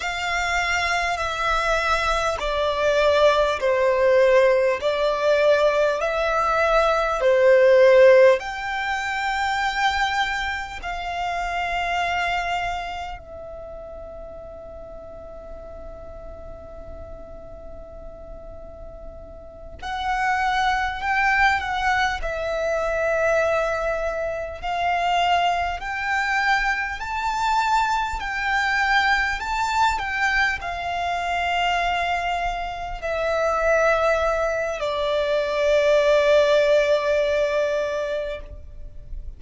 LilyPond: \new Staff \with { instrumentName = "violin" } { \time 4/4 \tempo 4 = 50 f''4 e''4 d''4 c''4 | d''4 e''4 c''4 g''4~ | g''4 f''2 e''4~ | e''1~ |
e''8 fis''4 g''8 fis''8 e''4.~ | e''8 f''4 g''4 a''4 g''8~ | g''8 a''8 g''8 f''2 e''8~ | e''4 d''2. | }